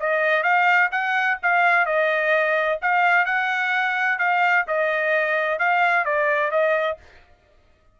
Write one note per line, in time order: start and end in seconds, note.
0.00 0.43 D#5
0.43 0.89 F5
0.92 1.38 F#5
1.43 1.86 F5
1.86 2.79 D#5
2.82 3.26 F5
3.26 4.19 F#5
4.19 4.65 F5
4.67 5.59 D#5
5.59 6.05 F5
6.05 6.51 D5
6.51 6.97 D#5